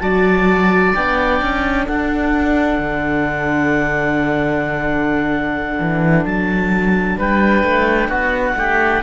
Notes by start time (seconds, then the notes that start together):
0.00 F#3 F#4 D5 A5
0.94 B3 D4 G5
1.42 C#4
1.86 D4 A4 F#5
2.79 D3
5.79 E3
6.25 F#3 A5
7.18 G3 B4 G5
7.64 A3
8.09 B3 F#4 F#5
8.56 A3 G4